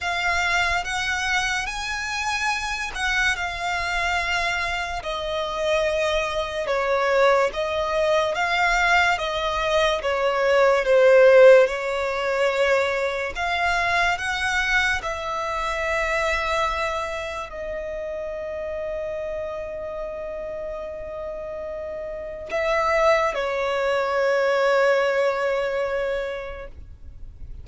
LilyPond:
\new Staff \with { instrumentName = "violin" } { \time 4/4 \tempo 4 = 72 f''4 fis''4 gis''4. fis''8 | f''2 dis''2 | cis''4 dis''4 f''4 dis''4 | cis''4 c''4 cis''2 |
f''4 fis''4 e''2~ | e''4 dis''2.~ | dis''2. e''4 | cis''1 | }